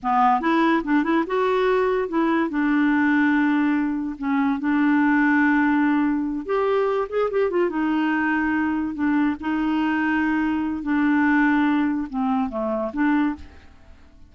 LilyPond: \new Staff \with { instrumentName = "clarinet" } { \time 4/4 \tempo 4 = 144 b4 e'4 d'8 e'8 fis'4~ | fis'4 e'4 d'2~ | d'2 cis'4 d'4~ | d'2.~ d'8 g'8~ |
g'4 gis'8 g'8 f'8 dis'4.~ | dis'4. d'4 dis'4.~ | dis'2 d'2~ | d'4 c'4 a4 d'4 | }